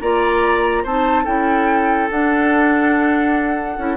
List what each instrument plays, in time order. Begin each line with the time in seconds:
0.00 bassoon A#3, clarinet F4, oboe D5, flute A#5
0.83 bassoon C4, clarinet D#4, oboe C5, flute A5
1.24 bassoon C#4, clarinet E4, oboe A4, flute G5
2.10 bassoon D4, clarinet D4, flute F#5
3.77 bassoon C#4, clarinet E4